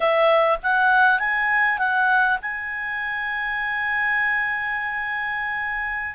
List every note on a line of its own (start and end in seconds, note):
0.00 0.58 E5
0.62 1.19 F#5
1.19 1.78 G#5
1.78 2.38 F#5
2.42 6.14 G#5